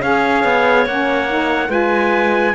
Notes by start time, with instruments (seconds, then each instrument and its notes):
0.00 cello C#4, saxophone G#4, clarinet C#5, trumpet F5
0.44 cello B3
0.86 cello A#3, saxophone C#4, trumpet F#5
1.29 saxophone D#4
1.67 cello G#3, saxophone F4, clarinet B4, trumpet G#5